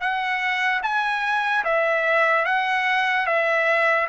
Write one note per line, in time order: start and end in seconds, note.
0.00 0.81 F#5
0.83 1.64 G#5
1.64 2.45 E5
2.45 3.26 F#5
3.26 4.07 E5